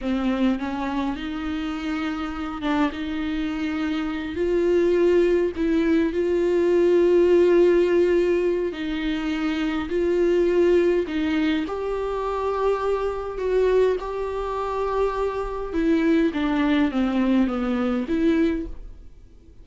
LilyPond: \new Staff \with { instrumentName = "viola" } { \time 4/4 \tempo 4 = 103 c'4 cis'4 dis'2~ | dis'8 d'8 dis'2~ dis'8 f'8~ | f'4. e'4 f'4.~ | f'2. dis'4~ |
dis'4 f'2 dis'4 | g'2. fis'4 | g'2. e'4 | d'4 c'4 b4 e'4 | }